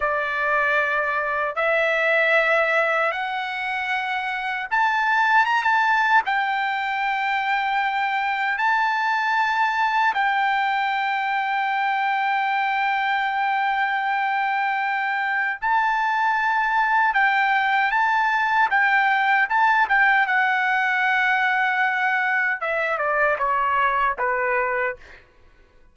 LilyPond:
\new Staff \with { instrumentName = "trumpet" } { \time 4/4 \tempo 4 = 77 d''2 e''2 | fis''2 a''4 ais''16 a''8. | g''2. a''4~ | a''4 g''2.~ |
g''1 | a''2 g''4 a''4 | g''4 a''8 g''8 fis''2~ | fis''4 e''8 d''8 cis''4 b'4 | }